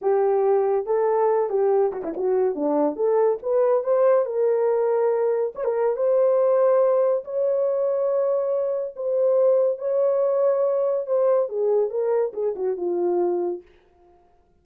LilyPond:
\new Staff \with { instrumentName = "horn" } { \time 4/4 \tempo 4 = 141 g'2 a'4. g'8~ | g'8 fis'16 e'16 fis'4 d'4 a'4 | b'4 c''4 ais'2~ | ais'4 cis''16 ais'8. c''2~ |
c''4 cis''2.~ | cis''4 c''2 cis''4~ | cis''2 c''4 gis'4 | ais'4 gis'8 fis'8 f'2 | }